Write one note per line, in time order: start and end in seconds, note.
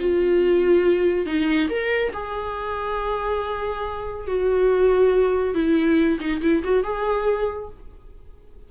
0.00 1.26 F4
1.26 1.69 D#4
1.70 2.13 A#4
2.14 4.28 G#4
4.28 5.55 F#4
5.55 6.19 E4
6.20 6.42 D#4
6.42 6.63 E4
6.64 6.84 F#4
6.84 7.70 G#4